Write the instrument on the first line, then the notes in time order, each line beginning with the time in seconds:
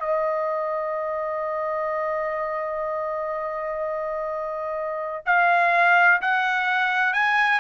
trumpet
0.00 D#5
5.26 F5
6.22 F#5
7.13 G#5